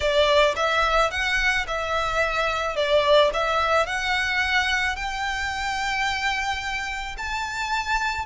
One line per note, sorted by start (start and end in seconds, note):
0.00 0.55 D5
0.56 1.10 E5
1.10 1.65 F#5
1.67 2.75 E5
2.75 3.31 D5
3.33 3.86 E5
3.86 4.95 F#5
4.95 7.16 G5
7.17 8.25 A5